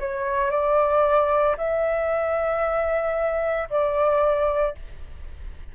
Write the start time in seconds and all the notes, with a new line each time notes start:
0.00 C#5
0.51 D5
1.58 E5
3.70 D5